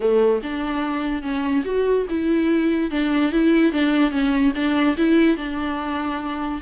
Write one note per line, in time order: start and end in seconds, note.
0.00 0.41 A3
0.42 1.22 D4
1.22 1.63 C#4
1.65 2.06 F#4
2.09 2.90 E4
2.90 3.32 D4
3.32 3.72 E4
3.72 4.10 D4
4.10 4.52 C#4
4.55 4.96 D4
4.97 5.37 E4
5.37 6.61 D4